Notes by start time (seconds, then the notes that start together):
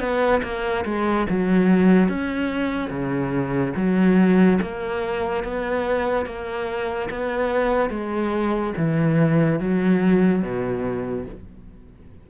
0.00 B3
0.43 A#3
0.85 G#3
1.30 F#3
2.09 C#4
2.90 C#3
3.76 F#3
4.62 A#3
5.44 B3
6.26 A#3
7.10 B3
7.90 G#3
8.77 E3
9.60 F#3
10.42 B2